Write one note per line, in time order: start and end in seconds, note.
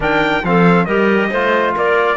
0.00 0.41 D#3
0.00 0.42 D4
0.00 0.44 A#4
0.00 0.45 G5
0.43 0.86 F3
0.43 0.88 C4
0.43 0.85 A4
0.43 0.85 F5
0.85 1.30 G3
0.85 1.32 G4
0.85 1.29 A#4
0.85 1.72 D#5
1.30 1.75 A3
1.30 2.17 F4
1.30 1.73 C5
1.75 2.17 A#3
1.75 2.17 A#4
1.75 2.17 D5